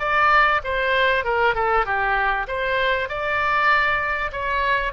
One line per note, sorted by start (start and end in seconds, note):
0.00 0.61 D5
0.64 1.24 C5
1.24 1.55 A#4
1.55 1.86 A4
1.86 2.47 G4
2.48 3.09 C5
3.09 4.31 D5
4.32 4.93 C#5